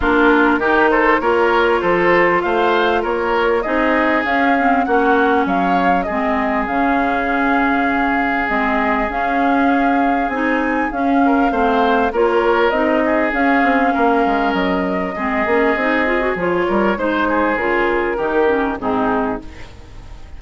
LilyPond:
<<
  \new Staff \with { instrumentName = "flute" } { \time 4/4 \tempo 4 = 99 ais'4. c''8 cis''4 c''4 | f''4 cis''4 dis''4 f''4 | fis''4 f''4 dis''4 f''4~ | f''2 dis''4 f''4~ |
f''4 gis''4 f''2 | cis''4 dis''4 f''2 | dis''2. cis''4 | c''4 ais'2 gis'4 | }
  \new Staff \with { instrumentName = "oboe" } { \time 4/4 f'4 g'8 a'8 ais'4 a'4 | c''4 ais'4 gis'2 | fis'4 cis''4 gis'2~ | gis'1~ |
gis'2~ gis'8 ais'8 c''4 | ais'4. gis'4. ais'4~ | ais'4 gis'2~ gis'8 ais'8 | c''8 gis'4. g'4 dis'4 | }
  \new Staff \with { instrumentName = "clarinet" } { \time 4/4 d'4 dis'4 f'2~ | f'2 dis'4 cis'8 c'8 | cis'2 c'4 cis'4~ | cis'2 c'4 cis'4~ |
cis'4 dis'4 cis'4 c'4 | f'4 dis'4 cis'2~ | cis'4 c'8 cis'8 dis'8 f'16 fis'16 f'4 | dis'4 f'4 dis'8 cis'8 c'4 | }
  \new Staff \with { instrumentName = "bassoon" } { \time 4/4 ais4 dis4 ais4 f4 | a4 ais4 c'4 cis'4 | ais4 fis4 gis4 cis4~ | cis2 gis4 cis'4~ |
cis'4 c'4 cis'4 a4 | ais4 c'4 cis'8 c'8 ais8 gis8 | fis4 gis8 ais8 c'4 f8 g8 | gis4 cis4 dis4 gis,4 | }
>>